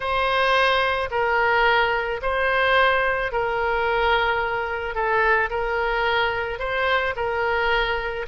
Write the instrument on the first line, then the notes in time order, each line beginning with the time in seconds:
oboe
0.00 C5
1.10 A#4
2.22 C5
3.32 A#4
4.94 A4
5.50 A#4
6.59 C5
7.16 A#4